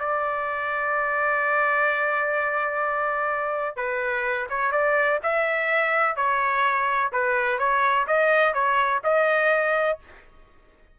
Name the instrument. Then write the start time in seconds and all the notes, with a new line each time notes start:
trumpet
0.00 D5
3.76 B4
4.50 C#5
4.72 D5
5.23 E5
6.17 C#5
7.13 B4
7.59 C#5
8.08 D#5
8.54 C#5
9.04 D#5